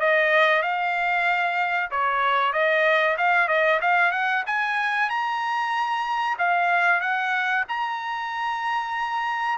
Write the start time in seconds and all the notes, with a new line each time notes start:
0.00 D#5
0.62 F5
1.90 C#5
2.53 D#5
3.17 F5
3.48 D#5
3.81 F5
4.11 F#5
4.46 G#5
5.09 A#5
6.38 F5
7.00 F#5
7.68 A#5